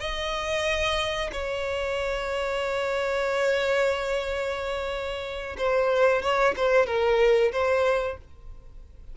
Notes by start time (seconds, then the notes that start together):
0.00 D#5
1.33 C#5
5.58 C5
6.22 C#5
6.57 C5
6.87 A#4
7.52 C5